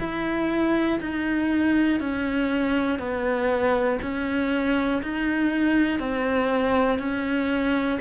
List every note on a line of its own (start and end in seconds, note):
0.00 1.00 E4
1.00 2.00 D#4
2.00 2.99 C#4
2.99 3.99 B3
4.02 5.02 C#4
5.02 5.99 D#4
5.99 6.99 C4
6.99 7.99 C#4